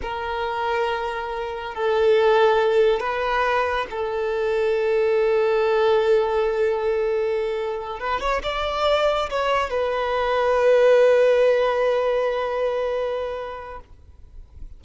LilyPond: \new Staff \with { instrumentName = "violin" } { \time 4/4 \tempo 4 = 139 ais'1 | a'2. b'4~ | b'4 a'2.~ | a'1~ |
a'2~ a'8 b'8 cis''8 d''8~ | d''4. cis''4 b'4.~ | b'1~ | b'1 | }